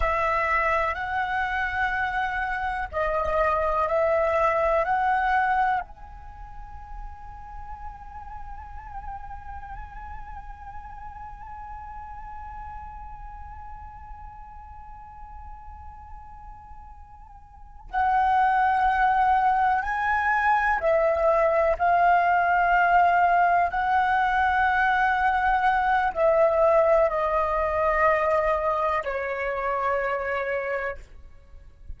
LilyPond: \new Staff \with { instrumentName = "flute" } { \time 4/4 \tempo 4 = 62 e''4 fis''2 dis''4 | e''4 fis''4 gis''2~ | gis''1~ | gis''1~ |
gis''2~ gis''8 fis''4.~ | fis''8 gis''4 e''4 f''4.~ | f''8 fis''2~ fis''8 e''4 | dis''2 cis''2 | }